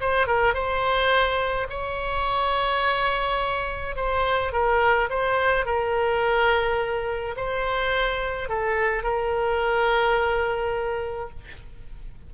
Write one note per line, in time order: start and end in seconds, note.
0.00 0.26 C5
0.26 0.54 A#4
0.54 1.67 C5
1.69 3.96 C#5
3.96 4.52 C5
4.52 5.09 A#4
5.09 5.65 C5
5.65 7.35 A#4
7.36 8.48 C5
8.48 9.03 A4
9.03 11.29 A#4